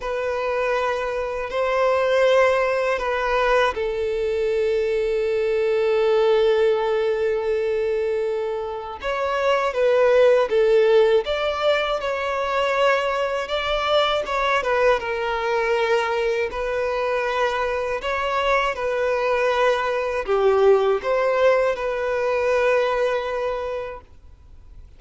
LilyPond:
\new Staff \with { instrumentName = "violin" } { \time 4/4 \tempo 4 = 80 b'2 c''2 | b'4 a'2.~ | a'1 | cis''4 b'4 a'4 d''4 |
cis''2 d''4 cis''8 b'8 | ais'2 b'2 | cis''4 b'2 g'4 | c''4 b'2. | }